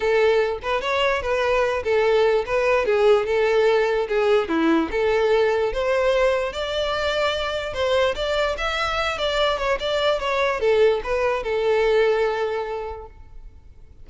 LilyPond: \new Staff \with { instrumentName = "violin" } { \time 4/4 \tempo 4 = 147 a'4. b'8 cis''4 b'4~ | b'8 a'4. b'4 gis'4 | a'2 gis'4 e'4 | a'2 c''2 |
d''2. c''4 | d''4 e''4. d''4 cis''8 | d''4 cis''4 a'4 b'4 | a'1 | }